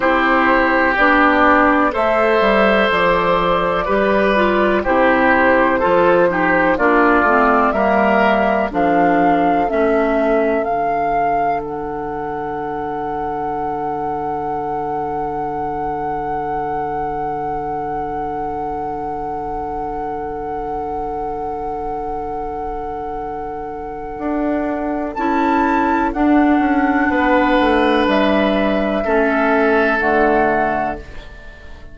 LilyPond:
<<
  \new Staff \with { instrumentName = "flute" } { \time 4/4 \tempo 4 = 62 c''4 d''4 e''4 d''4~ | d''4 c''2 d''4 | e''4 f''4 e''4 f''4 | fis''1~ |
fis''1~ | fis''1~ | fis''2 a''4 fis''4~ | fis''4 e''2 fis''4 | }
  \new Staff \with { instrumentName = "oboe" } { \time 4/4 g'2 c''2 | b'4 g'4 a'8 g'8 f'4 | ais'4 a'2.~ | a'1~ |
a'1~ | a'1~ | a'1 | b'2 a'2 | }
  \new Staff \with { instrumentName = "clarinet" } { \time 4/4 e'4 d'4 a'2 | g'8 f'8 e'4 f'8 dis'8 d'8 c'8 | ais4 d'4 cis'4 d'4~ | d'1~ |
d'1~ | d'1~ | d'2 e'4 d'4~ | d'2 cis'4 a4 | }
  \new Staff \with { instrumentName = "bassoon" } { \time 4/4 c'4 b4 a8 g8 f4 | g4 c4 f4 ais8 a8 | g4 f4 a4 d4~ | d1~ |
d1~ | d1~ | d4 d'4 cis'4 d'8 cis'8 | b8 a8 g4 a4 d4 | }
>>